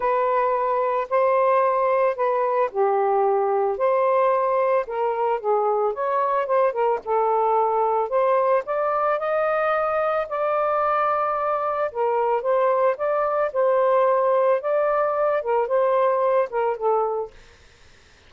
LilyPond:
\new Staff \with { instrumentName = "saxophone" } { \time 4/4 \tempo 4 = 111 b'2 c''2 | b'4 g'2 c''4~ | c''4 ais'4 gis'4 cis''4 | c''8 ais'8 a'2 c''4 |
d''4 dis''2 d''4~ | d''2 ais'4 c''4 | d''4 c''2 d''4~ | d''8 ais'8 c''4. ais'8 a'4 | }